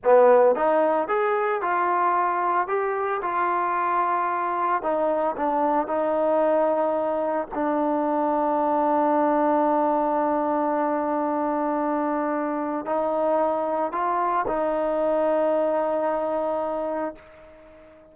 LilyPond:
\new Staff \with { instrumentName = "trombone" } { \time 4/4 \tempo 4 = 112 b4 dis'4 gis'4 f'4~ | f'4 g'4 f'2~ | f'4 dis'4 d'4 dis'4~ | dis'2 d'2~ |
d'1~ | d'1 | dis'2 f'4 dis'4~ | dis'1 | }